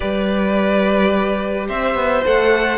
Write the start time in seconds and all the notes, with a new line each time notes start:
0.00 G3 G4 B4 D5
1.68 C4 C5 E5
1.94 B3
2.25 A3 A4 F#5